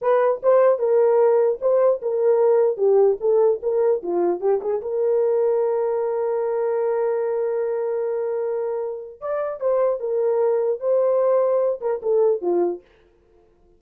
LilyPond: \new Staff \with { instrumentName = "horn" } { \time 4/4 \tempo 4 = 150 b'4 c''4 ais'2 | c''4 ais'2 g'4 | a'4 ais'4 f'4 g'8 gis'8 | ais'1~ |
ais'1~ | ais'2. d''4 | c''4 ais'2 c''4~ | c''4. ais'8 a'4 f'4 | }